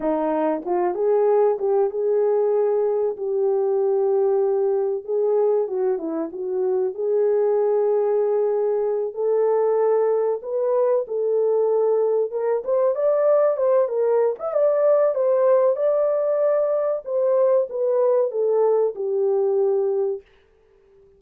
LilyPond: \new Staff \with { instrumentName = "horn" } { \time 4/4 \tempo 4 = 95 dis'4 f'8 gis'4 g'8 gis'4~ | gis'4 g'2. | gis'4 fis'8 e'8 fis'4 gis'4~ | gis'2~ gis'8 a'4.~ |
a'8 b'4 a'2 ais'8 | c''8 d''4 c''8 ais'8. e''16 d''4 | c''4 d''2 c''4 | b'4 a'4 g'2 | }